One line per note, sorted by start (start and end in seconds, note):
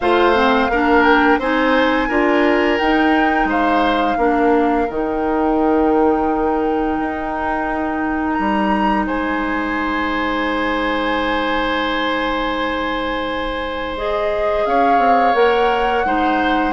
0.00 0.69 A3
0.00 0.34 F4
0.00 0.71 C5
0.00 1.03 F5
0.34 0.69 C4
0.69 1.38 A#3
0.69 1.41 D4
0.69 1.39 A#4
1.03 1.38 G5
1.39 2.08 C4
1.39 2.09 D#4
1.39 2.08 C5
1.39 2.78 G#5
2.08 2.79 D4
2.08 2.79 F4
2.08 3.47 A#4
2.78 4.18 D#4
2.78 3.44 D#4
2.78 3.48 G5
3.44 4.14 G#3
3.44 4.18 C5
3.44 4.90 F5
4.17 4.87 A#3
4.17 4.87 D4
4.17 9.06 A#4
4.89 6.98 D#3
4.89 13.97 D#4
4.89 8.33 G5
6.99 8.38 D#4
8.33 9.06 G3
8.33 9.03 A#5
9.06 14.64 G#3
9.06 14.64 C5
9.06 13.95 G#5
13.97 15.34 G#4
13.97 14.65 D#5
14.65 14.98 C#4
14.65 16.06 C#5
14.65 15.35 F5
14.98 15.33 C4
15.34 16.04 A#3
15.34 16.03 A#4
15.34 16.73 F#5
16.05 16.73 G#3
16.05 16.73 D#4
16.05 16.73 C5